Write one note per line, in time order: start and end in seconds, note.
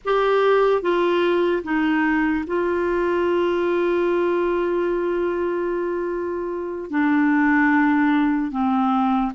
0.04 0.81 G4
0.81 1.63 F4
1.63 2.44 D#4
2.46 6.90 F4
6.90 8.51 D4
8.51 9.32 C4